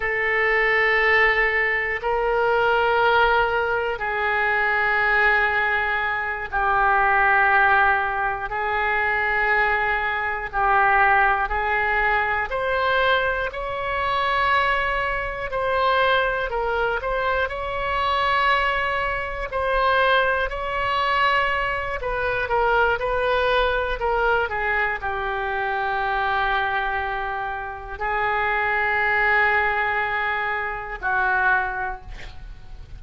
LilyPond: \new Staff \with { instrumentName = "oboe" } { \time 4/4 \tempo 4 = 60 a'2 ais'2 | gis'2~ gis'8 g'4.~ | g'8 gis'2 g'4 gis'8~ | gis'8 c''4 cis''2 c''8~ |
c''8 ais'8 c''8 cis''2 c''8~ | c''8 cis''4. b'8 ais'8 b'4 | ais'8 gis'8 g'2. | gis'2. fis'4 | }